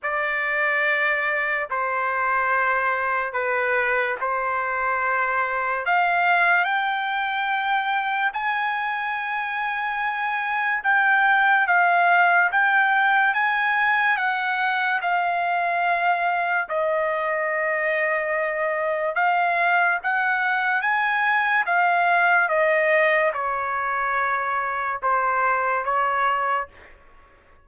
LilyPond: \new Staff \with { instrumentName = "trumpet" } { \time 4/4 \tempo 4 = 72 d''2 c''2 | b'4 c''2 f''4 | g''2 gis''2~ | gis''4 g''4 f''4 g''4 |
gis''4 fis''4 f''2 | dis''2. f''4 | fis''4 gis''4 f''4 dis''4 | cis''2 c''4 cis''4 | }